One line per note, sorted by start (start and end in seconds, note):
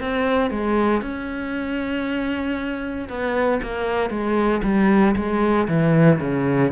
0.00 0.51 C4
0.51 1.02 G#3
1.02 3.08 C#4
3.09 3.61 B3
3.62 4.10 A#3
4.10 4.62 G#3
4.63 5.15 G3
5.16 5.68 G#3
5.68 6.20 E3
6.20 6.71 C#3